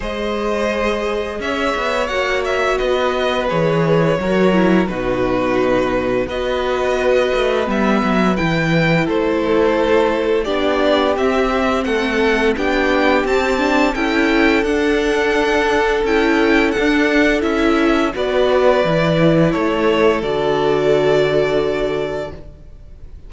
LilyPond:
<<
  \new Staff \with { instrumentName = "violin" } { \time 4/4 \tempo 4 = 86 dis''2 e''4 fis''8 e''8 | dis''4 cis''2 b'4~ | b'4 dis''2 e''4 | g''4 c''2 d''4 |
e''4 fis''4 g''4 a''4 | g''4 fis''2 g''4 | fis''4 e''4 d''2 | cis''4 d''2. | }
  \new Staff \with { instrumentName = "violin" } { \time 4/4 c''2 cis''2 | b'2 ais'4 fis'4~ | fis'4 b'2.~ | b'4 a'2 g'4~ |
g'4 a'4 g'2 | a'1~ | a'2 b'2 | a'1 | }
  \new Staff \with { instrumentName = "viola" } { \time 4/4 gis'2. fis'4~ | fis'4 gis'4 fis'8 e'8 dis'4~ | dis'4 fis'2 b4 | e'2. d'4 |
c'2 d'4 c'8 d'8 | e'4 d'2 e'4 | d'4 e'4 fis'4 e'4~ | e'4 fis'2. | }
  \new Staff \with { instrumentName = "cello" } { \time 4/4 gis2 cis'8 b8 ais4 | b4 e4 fis4 b,4~ | b,4 b4. a8 g8 fis8 | e4 a2 b4 |
c'4 a4 b4 c'4 | cis'4 d'2 cis'4 | d'4 cis'4 b4 e4 | a4 d2. | }
>>